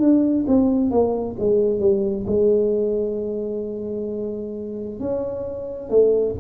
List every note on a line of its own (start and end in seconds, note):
0.00 0.45 D4
0.48 0.91 C4
0.91 1.36 A#3
1.39 1.80 G#3
1.80 2.25 G3
2.27 5.00 G#3
5.00 5.90 C#4
5.90 6.35 A3